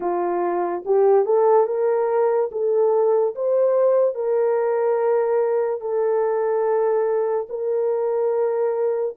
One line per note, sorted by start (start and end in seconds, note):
0.00 0.83 F4
0.85 1.25 G4
1.25 1.66 A4
1.66 2.50 A#4
2.51 3.34 A4
3.35 4.14 C5
4.14 5.80 A#4
5.80 7.47 A4
7.48 9.15 A#4